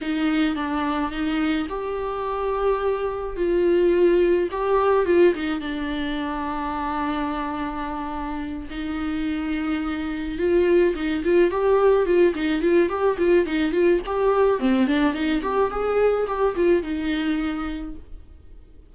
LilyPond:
\new Staff \with { instrumentName = "viola" } { \time 4/4 \tempo 4 = 107 dis'4 d'4 dis'4 g'4~ | g'2 f'2 | g'4 f'8 dis'8 d'2~ | d'2.~ d'8 dis'8~ |
dis'2~ dis'8 f'4 dis'8 | f'8 g'4 f'8 dis'8 f'8 g'8 f'8 | dis'8 f'8 g'4 c'8 d'8 dis'8 g'8 | gis'4 g'8 f'8 dis'2 | }